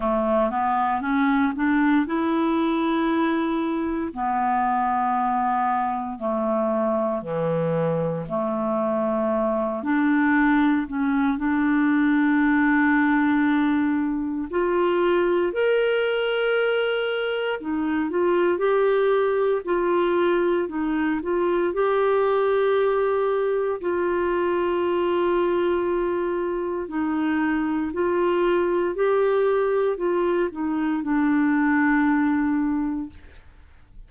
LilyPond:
\new Staff \with { instrumentName = "clarinet" } { \time 4/4 \tempo 4 = 58 a8 b8 cis'8 d'8 e'2 | b2 a4 e4 | a4. d'4 cis'8 d'4~ | d'2 f'4 ais'4~ |
ais'4 dis'8 f'8 g'4 f'4 | dis'8 f'8 g'2 f'4~ | f'2 dis'4 f'4 | g'4 f'8 dis'8 d'2 | }